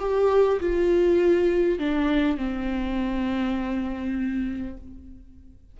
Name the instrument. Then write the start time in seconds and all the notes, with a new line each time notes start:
viola
0.00 G4
0.60 F4
1.79 D4
2.38 C4